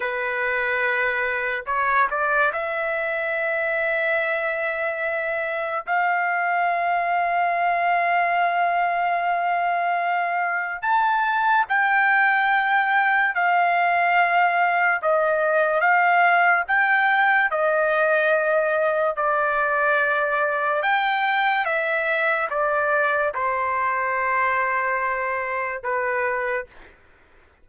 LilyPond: \new Staff \with { instrumentName = "trumpet" } { \time 4/4 \tempo 4 = 72 b'2 cis''8 d''8 e''4~ | e''2. f''4~ | f''1~ | f''4 a''4 g''2 |
f''2 dis''4 f''4 | g''4 dis''2 d''4~ | d''4 g''4 e''4 d''4 | c''2. b'4 | }